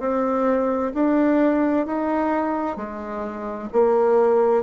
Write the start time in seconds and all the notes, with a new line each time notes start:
0.00 C4
0.94 D4
1.86 D#4
2.77 G#3
3.73 A#3